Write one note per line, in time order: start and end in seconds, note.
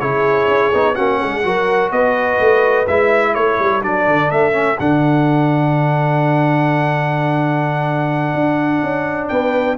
0.00 0.47 C#3
0.00 0.73 E4
0.00 0.95 G#4
0.00 0.95 C#5
0.47 0.71 C#4
0.74 0.98 B3
0.74 0.95 D#4
0.95 1.22 A#3
0.95 1.43 C#4
0.95 1.19 F#4
0.95 1.90 F#5
1.21 1.44 G#3
1.21 1.45 G#4
1.44 1.91 F#3
1.44 2.86 F#4
1.44 1.93 A#4
1.91 2.39 B3
1.91 3.32 B4
1.91 2.87 D#5
2.40 2.88 A3
2.87 3.35 G#3
2.87 3.82 E4
2.87 3.35 E5
3.32 3.59 A3
3.32 9.27 A4
3.32 3.82 C#5
3.59 3.83 G3
3.82 4.07 F#3
3.82 4.52 D4
3.82 4.31 D5
4.07 4.30 D3
4.30 4.78 A3
4.30 4.78 E5
4.52 4.76 C#4
4.79 8.34 D3
4.79 9.78 D4
4.79 9.28 F#5
8.34 8.82 D4
8.82 9.30 C#4
9.28 9.78 B3
9.28 9.78 B4
9.28 9.76 G5